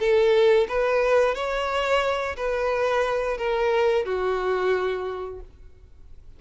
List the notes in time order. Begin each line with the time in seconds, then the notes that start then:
0.00 A4
0.68 B4
1.35 C#5
2.37 B4
3.38 A#4
4.05 F#4